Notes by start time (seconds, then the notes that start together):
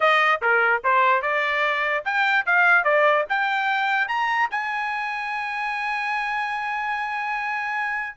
0.00 D#5
0.41 A#4
0.83 C5
1.22 D5
2.04 G5
2.46 F5
2.84 D5
3.29 G5
4.08 A#5
4.50 G#5